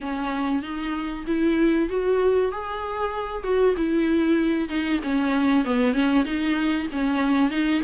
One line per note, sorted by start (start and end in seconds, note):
0.01 0.62 C#4
0.62 1.24 D#4
1.26 1.89 E4
1.89 2.51 F#4
2.51 3.43 G#4
3.43 3.74 F#4
3.76 4.68 E4
4.68 5.00 D#4
5.03 5.64 C#4
5.64 5.93 B3
5.93 6.24 C#4
6.24 6.87 D#4
6.91 7.50 C#4
7.50 7.81 D#4